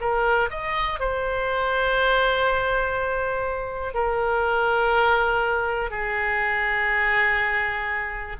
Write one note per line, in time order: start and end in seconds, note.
0.00 0.49 A#4
0.50 0.99 D#5
0.99 3.94 C5
3.94 5.90 A#4
5.90 8.36 G#4